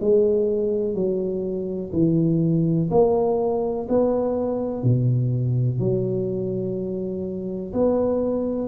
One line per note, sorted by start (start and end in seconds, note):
0.00 0.94 G#3
0.94 1.91 F#3
1.92 2.89 E3
2.90 3.87 A#3
3.88 4.83 B3
4.83 5.79 B2
5.79 7.72 F#3
7.73 8.67 B3